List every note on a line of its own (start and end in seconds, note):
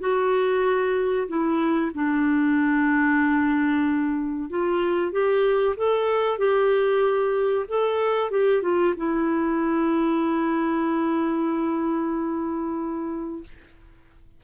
0.00 1.28 F#4
1.28 1.92 E4
1.95 4.50 D4
4.50 5.12 F4
5.12 5.76 G4
5.77 6.39 A4
6.39 7.66 G4
7.69 8.31 A4
8.31 8.62 G4
8.62 8.94 F4
8.97 13.44 E4